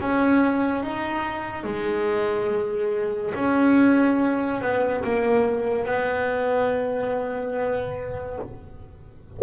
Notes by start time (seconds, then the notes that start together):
0.00 C#4
0.83 D#4
1.63 G#3
3.34 C#4
4.61 B3
5.04 A#3
5.85 B3